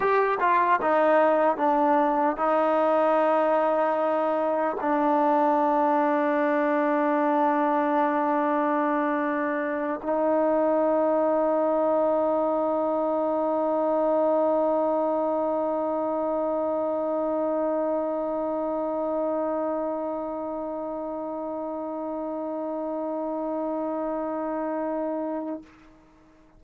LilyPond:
\new Staff \with { instrumentName = "trombone" } { \time 4/4 \tempo 4 = 75 g'8 f'8 dis'4 d'4 dis'4~ | dis'2 d'2~ | d'1~ | d'8 dis'2.~ dis'8~ |
dis'1~ | dis'1~ | dis'1~ | dis'1 | }